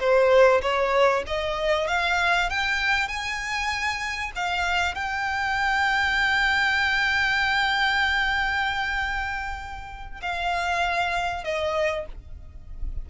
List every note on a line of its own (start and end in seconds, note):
0.00 0.62 C5
0.62 1.24 C#5
1.27 1.88 D#5
1.88 2.50 F5
2.50 3.08 G5
3.08 4.32 G#5
4.36 4.95 F5
4.95 10.21 G5
10.22 11.44 F5
11.44 12.06 D#5